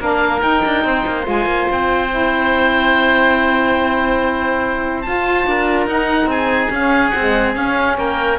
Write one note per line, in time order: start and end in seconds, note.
0.00 0.42 A#3
0.00 0.41 D4
0.00 0.85 A#4
0.00 0.42 F5
0.41 1.24 D#4
0.41 0.64 D#4
0.41 1.26 G5
0.65 0.85 D4
0.85 1.06 C4
0.85 5.49 C5
1.07 1.27 A#3
1.24 1.46 G#3
1.24 2.08 F4
1.30 1.72 G#5
1.46 1.67 A#3
1.71 5.07 C4
1.71 5.02 G5
2.10 5.04 E4
5.02 5.89 F4
5.02 5.47 F4
5.02 5.86 A5
5.47 5.87 D4
5.47 6.30 A#4
5.87 6.26 D#4
5.87 6.73 D#4
5.87 6.31 F#5
6.26 6.68 C4
6.26 7.98 G#4
6.26 6.73 G#5
6.71 7.13 C#4
6.71 7.16 C#4
6.71 7.11 F5
7.11 7.56 C4
7.11 7.53 F#5
7.17 7.56 G#3
7.56 7.98 C#4
7.56 8.39 C#4
7.56 7.98 F5
7.98 8.39 A#3
7.98 8.39 A#4
7.98 8.39 G5